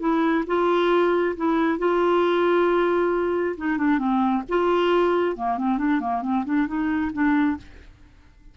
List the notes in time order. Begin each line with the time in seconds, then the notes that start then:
0.00 E4
0.47 F4
1.36 E4
1.78 F4
3.58 D#4
3.78 D4
3.98 C4
4.49 F4
5.36 A#3
5.58 C4
5.78 D4
6.01 A#3
6.22 C4
6.45 D4
6.67 D#4
7.13 D4